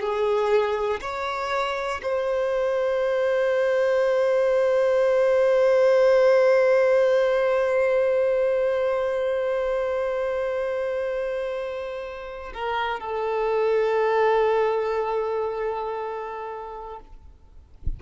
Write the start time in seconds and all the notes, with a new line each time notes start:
0.00 G#4
1.01 C#5
2.03 C5
12.54 A#4
13.00 A4